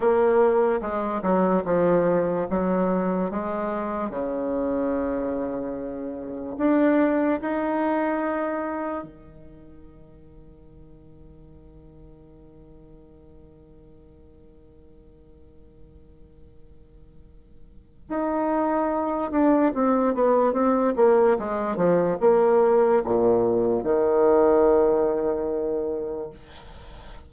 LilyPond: \new Staff \with { instrumentName = "bassoon" } { \time 4/4 \tempo 4 = 73 ais4 gis8 fis8 f4 fis4 | gis4 cis2. | d'4 dis'2 dis4~ | dis1~ |
dis1~ | dis2 dis'4. d'8 | c'8 b8 c'8 ais8 gis8 f8 ais4 | ais,4 dis2. | }